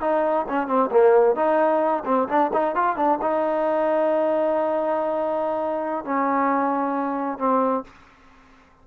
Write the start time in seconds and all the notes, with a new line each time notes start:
0.00 D#4
0.48 C#4
0.67 C4
0.91 A#3
1.35 D#4
2.05 C4
2.28 D4
2.53 D#4
2.75 F4
2.96 D4
3.21 D#4
6.04 C#4
7.38 C4